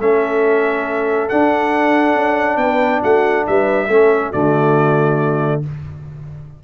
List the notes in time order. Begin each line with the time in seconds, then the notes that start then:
0.00 A3 C#4 A4 E5
1.29 D4 F#5
2.15 C#4
2.57 B3 B4 G5
3.02 A3 F#4 F#5
3.47 G3 B4 E5
3.87 A3 C#4 A4
4.31 D3 A3 F#4 D5